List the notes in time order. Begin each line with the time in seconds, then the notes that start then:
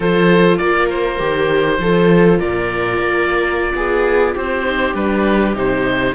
0.00 F3 F4 A4 C5
0.57 A#3 A#4 D5
0.90 C5
1.18 D#3 G4
1.78 F3 F4 A4
2.39 A#2 A#4 D5
2.99 A#3
3.74 B3 G#4
4.34 C4 G4 C5
4.65 D#4
4.94 G3 D4 B4
5.54 C3 D#4 C5